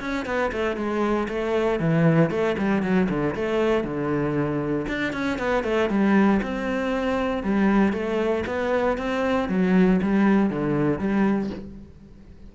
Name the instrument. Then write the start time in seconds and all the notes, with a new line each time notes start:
cello
0.00 C#4
0.26 B3
0.52 A3
0.76 G#3
1.28 A3
1.79 E3
2.30 A3
2.58 G3
2.82 F#3
3.09 D3
3.35 A3
3.84 D3
4.88 D4
5.13 C#4
5.38 B3
5.64 A3
5.89 G3
6.42 C4
7.43 G3
7.93 A3
8.46 B3
8.98 C4
9.49 F#3
10.02 G3
10.50 D3
10.99 G3